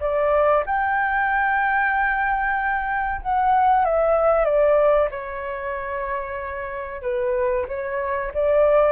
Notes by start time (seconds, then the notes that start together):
0.00 D5
0.66 G5
3.21 F#5
3.84 E5
4.45 D5
5.11 C#5
7.02 B4
7.68 C#5
8.34 D5